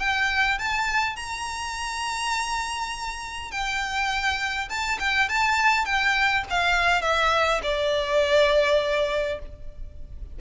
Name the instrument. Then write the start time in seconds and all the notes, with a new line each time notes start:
violin
0.00 G5
0.59 A5
1.17 A#5
3.51 G5
4.70 A5
5.00 G5
5.29 A5
5.86 G5
6.50 F5
7.02 E5
7.63 D5